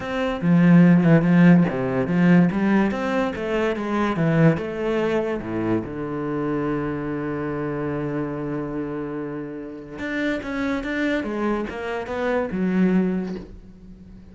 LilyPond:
\new Staff \with { instrumentName = "cello" } { \time 4/4 \tempo 4 = 144 c'4 f4. e8 f4 | c4 f4 g4 c'4 | a4 gis4 e4 a4~ | a4 a,4 d2~ |
d1~ | d1 | d'4 cis'4 d'4 gis4 | ais4 b4 fis2 | }